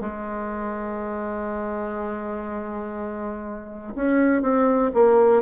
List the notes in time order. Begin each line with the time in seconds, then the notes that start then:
0.00 G#3
3.95 C#4
4.41 C4
4.94 A#3